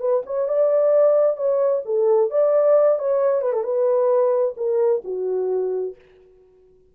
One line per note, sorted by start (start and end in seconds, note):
0.00 0.23 B4
0.26 0.49 C#5
0.49 1.37 D5
1.37 1.83 C#5
1.85 2.31 A4
2.31 2.99 D5
2.99 3.42 C#5
3.42 3.53 B4
3.53 3.64 A4
3.64 4.55 B4
4.57 5.02 A#4
5.05 5.95 F#4